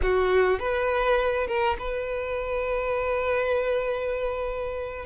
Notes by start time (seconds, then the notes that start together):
0.02 F#4
0.59 B4
1.47 A#4
1.78 B4